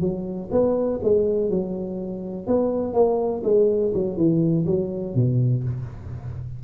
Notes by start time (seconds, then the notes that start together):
0.00 F#3
0.51 B3
1.03 G#3
1.50 F#3
2.46 B3
2.93 A#3
3.43 G#3
3.94 F#3
4.16 E3
4.66 F#3
5.14 B2